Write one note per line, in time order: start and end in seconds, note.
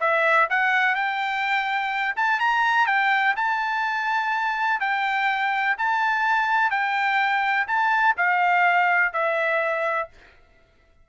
0.00 0.48 E5
0.50 0.95 F#5
0.95 2.15 G5
2.16 2.40 A5
2.40 2.86 A#5
2.86 3.34 G5
3.36 4.80 A5
4.80 5.76 G5
5.78 6.70 A5
6.70 7.66 G5
7.67 8.15 A5
8.17 9.13 F5
9.13 10.09 E5